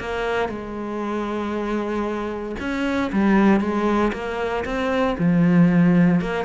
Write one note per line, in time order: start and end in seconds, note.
0.00 0.49 A#3
0.49 2.56 G#3
2.60 3.12 C#4
3.13 3.61 G3
3.61 4.12 G#3
4.13 4.65 A#3
4.65 5.17 C4
5.19 6.21 F3
6.21 6.45 A#3